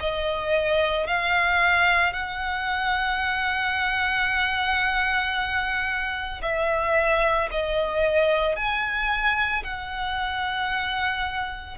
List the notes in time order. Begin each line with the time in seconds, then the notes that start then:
0.00 D#5
1.07 F5
2.13 F#5
6.42 E5
7.51 D#5
8.56 G#5
9.64 F#5